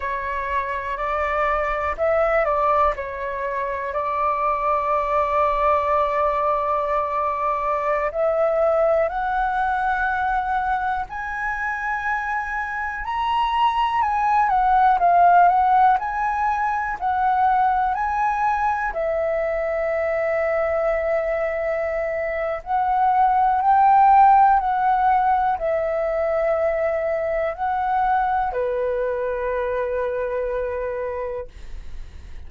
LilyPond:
\new Staff \with { instrumentName = "flute" } { \time 4/4 \tempo 4 = 61 cis''4 d''4 e''8 d''8 cis''4 | d''1~ | d''16 e''4 fis''2 gis''8.~ | gis''4~ gis''16 ais''4 gis''8 fis''8 f''8 fis''16~ |
fis''16 gis''4 fis''4 gis''4 e''8.~ | e''2. fis''4 | g''4 fis''4 e''2 | fis''4 b'2. | }